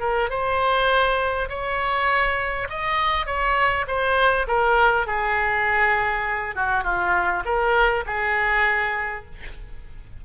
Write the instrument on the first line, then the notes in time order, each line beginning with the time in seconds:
oboe
0.00 A#4
0.30 C5
1.49 C#5
2.69 D#5
3.26 C#5
3.87 C5
4.47 A#4
5.07 G#4
6.56 F#4
6.84 F4
7.45 A#4
8.06 G#4